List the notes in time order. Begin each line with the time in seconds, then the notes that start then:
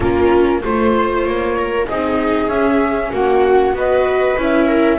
0.00 A#3 C#4 F4 A#4
0.62 A3 F4 C5
1.23 A#3 C#5
1.57 A#4
1.87 C4 D#4 G#4 D#5
2.47 C#4 E5
3.11 A#3 F#4 F#5
3.72 B3 F#4 B4 D#5
4.37 C#4 E4 E5
4.67 A#4